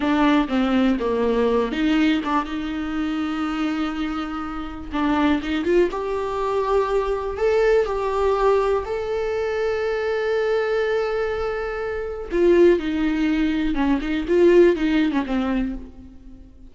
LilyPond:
\new Staff \with { instrumentName = "viola" } { \time 4/4 \tempo 4 = 122 d'4 c'4 ais4. dis'8~ | dis'8 d'8 dis'2.~ | dis'2 d'4 dis'8 f'8 | g'2. a'4 |
g'2 a'2~ | a'1~ | a'4 f'4 dis'2 | cis'8 dis'8 f'4 dis'8. cis'16 c'4 | }